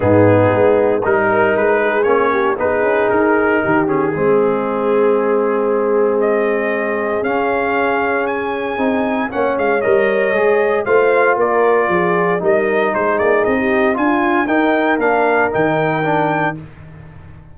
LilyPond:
<<
  \new Staff \with { instrumentName = "trumpet" } { \time 4/4 \tempo 4 = 116 gis'2 ais'4 b'4 | cis''4 b'4 ais'4. gis'8~ | gis'1 | dis''2 f''2 |
gis''2 fis''8 f''8 dis''4~ | dis''4 f''4 d''2 | dis''4 c''8 d''8 dis''4 gis''4 | g''4 f''4 g''2 | }
  \new Staff \with { instrumentName = "horn" } { \time 4/4 dis'2 ais'4. gis'8~ | gis'8 g'8 gis'2 g'4 | gis'1~ | gis'1~ |
gis'2 cis''2~ | cis''4 c''4 ais'4 gis'4 | ais'4 gis'4~ gis'16 g'8. f'4 | ais'1 | }
  \new Staff \with { instrumentName = "trombone" } { \time 4/4 b2 dis'2 | cis'4 dis'2~ dis'8 cis'8 | c'1~ | c'2 cis'2~ |
cis'4 dis'4 cis'4 ais'4 | gis'4 f'2. | dis'2. f'4 | dis'4 d'4 dis'4 d'4 | }
  \new Staff \with { instrumentName = "tuba" } { \time 4/4 gis,4 gis4 g4 gis4 | ais4 b8 cis'8 dis'4 dis4 | gis1~ | gis2 cis'2~ |
cis'4 c'4 ais8 gis8 g4 | gis4 a4 ais4 f4 | g4 gis8 ais8 c'4 d'4 | dis'4 ais4 dis2 | }
>>